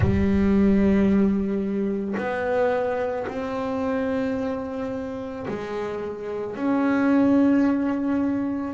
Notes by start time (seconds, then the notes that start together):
0.00 G3
2.17 B3
3.27 C4
5.47 G#3
6.56 C#4